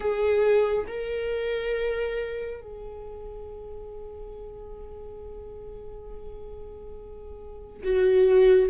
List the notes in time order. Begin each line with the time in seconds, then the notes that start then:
0.00 G#4
0.87 A#4
2.61 G#4
7.83 F#4